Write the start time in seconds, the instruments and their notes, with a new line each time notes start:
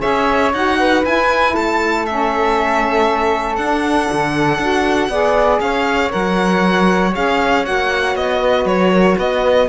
0.00 cello C#4, saxophone G#4, flute C#5, violin E5
0.53 cello D#4, saxophone F#4, violin F#5
0.79 flute B4
1.04 saxophone E4, cello E4, violin G#5
1.54 cello A3, flute A4, violin A5
2.06 saxophone C#4, violin E5
3.56 cello D4, saxophone D4, violin F#5
4.12 cello D3
4.58 cello D4, saxophone F#4
5.09 cello B3, saxophone G#4, flute D5
5.60 cello C#4, flute C#5, violin F5
6.09 cello F#3, saxophone A#4, violin F#5
7.14 cello C#4, saxophone G#4, violin F5
7.64 cello A#3, saxophone F#4, violin F#5
8.15 cello B3, violin D#5
8.40 flute B4
8.65 cello F#3, violin C#5
8.91 flute A#4
9.17 cello B3, flute B4, violin D#5